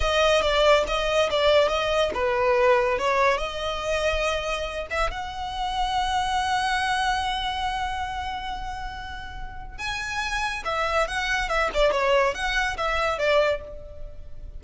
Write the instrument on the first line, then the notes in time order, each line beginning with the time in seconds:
violin
0.00 D#5
0.41 D5
0.87 D#5
1.30 D5
1.68 D#5
2.14 B4
2.98 C#5
3.37 D#5
4.90 E5
5.10 F#5
9.78 G#5
10.65 E5
11.07 F#5
11.48 E5
11.74 D5
11.91 C#5
12.34 F#5
12.77 E5
13.18 D5